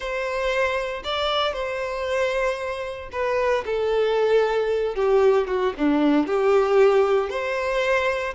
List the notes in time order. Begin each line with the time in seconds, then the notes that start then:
0.00 C5
1.04 D5
1.53 C5
3.12 B4
3.65 A4
4.95 G4
5.47 F#4
5.77 D4
6.26 G4
7.29 C5